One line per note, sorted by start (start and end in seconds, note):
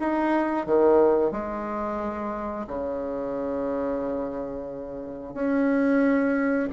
0.00 0.66 D#4
0.66 1.32 D#3
1.32 2.67 G#3
2.68 5.34 C#3
5.34 6.69 C#4